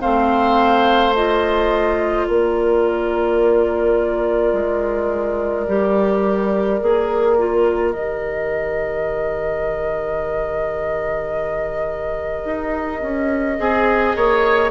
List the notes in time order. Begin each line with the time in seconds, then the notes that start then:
0.00 A3 C4 C5 F5
1.15 F4 D#5
2.25 A#3 A#4 D5
4.53 G#3
5.68 G3 G4
6.81 A#3 G#4
7.38 F4
7.92 D#3 G4 D#5
12.45 D#4
13.02 C#4
13.58 C4 G#4
14.16 A#3 C#5